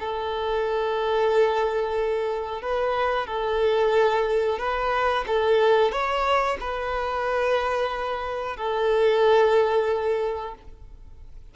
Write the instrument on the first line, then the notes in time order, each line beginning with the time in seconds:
violin
0.00 A4
2.62 B4
3.27 A4
4.59 B4
5.27 A4
5.92 C#5
6.61 B4
8.57 A4